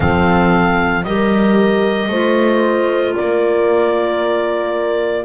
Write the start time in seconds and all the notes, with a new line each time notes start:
0.00 F3 C4 A4 F5
1.03 G3 G4 A#4 D#5
2.08 A3 F4 C5
3.15 A#3 A#4 D5